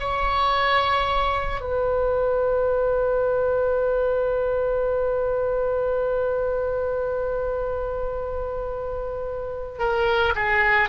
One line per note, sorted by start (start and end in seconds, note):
0.00 1.61 C#5
1.61 9.79 B4
9.79 10.34 A#4
10.36 10.89 G#4